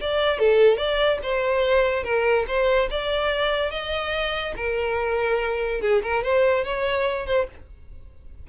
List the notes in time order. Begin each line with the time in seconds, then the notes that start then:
0.00 D5
0.38 A4
0.77 D5
1.23 C5
2.03 A#4
2.47 C5
2.90 D5
3.71 D#5
4.56 A#4
5.81 G#4
6.03 A#4
6.23 C5
6.64 C#5
7.26 C5